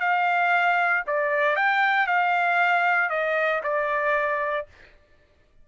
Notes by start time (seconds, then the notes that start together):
0.00 F5
1.07 D5
1.56 G5
2.07 F5
3.10 D#5
3.63 D5